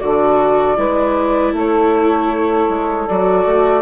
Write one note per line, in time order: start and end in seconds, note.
0.00 0.78 D3
0.00 0.77 F#4
0.00 0.78 A4
0.00 1.54 D5
0.77 1.53 G#3
0.77 3.08 E4
0.77 1.53 B4
1.53 2.68 A3
1.53 3.83 A4
1.53 3.09 C#5
2.69 3.07 G#3
3.09 3.46 F#3
3.09 3.83 F#4
3.09 3.83 D5
3.46 3.83 A3